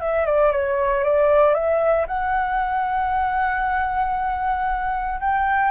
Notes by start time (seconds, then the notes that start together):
0.00 E5
0.26 D5
0.52 C#5
1.04 D5
1.54 E5
2.08 F#5
5.21 G5